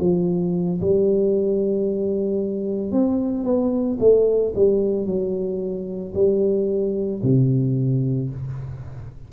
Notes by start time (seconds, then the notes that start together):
0.00 F3
0.81 G3
2.91 C4
3.44 B3
4.00 A3
4.55 G3
5.06 F#3
6.15 G3
7.23 C3